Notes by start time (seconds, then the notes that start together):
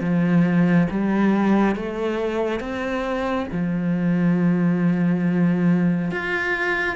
0.00 F3
0.90 G3
1.75 A3
2.60 C4
3.52 F3
6.11 F4